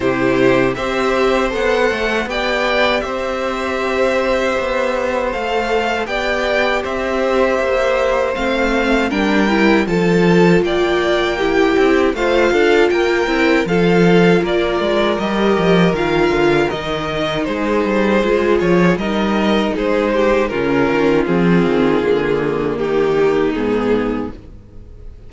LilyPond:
<<
  \new Staff \with { instrumentName = "violin" } { \time 4/4 \tempo 4 = 79 c''4 e''4 fis''4 g''4 | e''2. f''4 | g''4 e''2 f''4 | g''4 a''4 g''2 |
f''4 g''4 f''4 d''4 | dis''4 f''4 dis''4 c''4~ | c''8 cis''8 dis''4 c''4 ais'4 | gis'2 g'4 gis'4 | }
  \new Staff \with { instrumentName = "violin" } { \time 4/4 g'4 c''2 d''4 | c''1 | d''4 c''2. | ais'4 a'4 d''4 g'4 |
c''8 a'8 ais'4 a'4 ais'4~ | ais'2. gis'4~ | gis'4 ais'4 gis'8 g'8 f'4~ | f'2 dis'2 | }
  \new Staff \with { instrumentName = "viola" } { \time 4/4 e'4 g'4 a'4 g'4~ | g'2. a'4 | g'2. c'4 | d'8 e'8 f'2 e'4 |
f'4. e'8 f'2 | g'4 f'4 dis'2 | f'4 dis'2 cis'4 | c'4 ais2 b4 | }
  \new Staff \with { instrumentName = "cello" } { \time 4/4 c4 c'4 b8 a8 b4 | c'2 b4 a4 | b4 c'4 ais4 a4 | g4 f4 ais4. c'8 |
a8 d'8 ais8 c'8 f4 ais8 gis8 | g8 f8 dis8 d8 dis4 gis8 g8 | gis8 f8 g4 gis4 cis8 dis8 | f8 dis8 d4 dis4 gis,4 | }
>>